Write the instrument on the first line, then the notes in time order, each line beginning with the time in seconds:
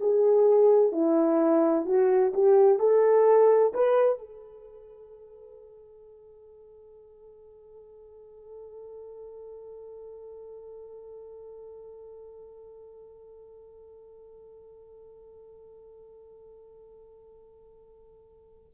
horn
0.00 G#4
0.92 E4
1.86 F#4
2.34 G4
2.79 A4
3.74 B4
4.19 A4